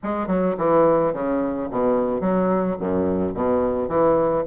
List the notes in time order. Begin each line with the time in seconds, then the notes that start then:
0.03 G#3
0.27 F#3
0.57 E3
1.13 C#3
1.70 B2
2.20 F#3
2.79 F#2
3.33 B2
3.88 E3